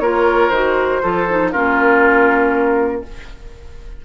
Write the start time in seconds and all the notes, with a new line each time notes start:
0.00 A#3 F4 A#4 C#5
0.50 D#3 F#4 C5
1.03 F3 F4 A4
1.29 D#4
1.52 A#3 C#4 F4 A#4